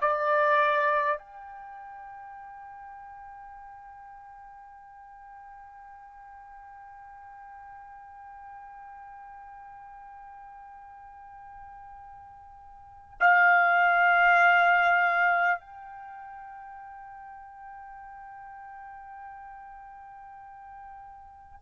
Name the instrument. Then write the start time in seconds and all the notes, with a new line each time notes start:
trumpet
0.00 D5
1.18 G5
13.20 F5
15.59 G5